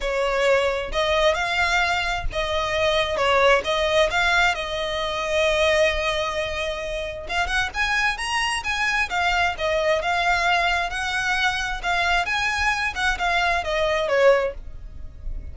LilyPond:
\new Staff \with { instrumentName = "violin" } { \time 4/4 \tempo 4 = 132 cis''2 dis''4 f''4~ | f''4 dis''2 cis''4 | dis''4 f''4 dis''2~ | dis''1 |
f''8 fis''8 gis''4 ais''4 gis''4 | f''4 dis''4 f''2 | fis''2 f''4 gis''4~ | gis''8 fis''8 f''4 dis''4 cis''4 | }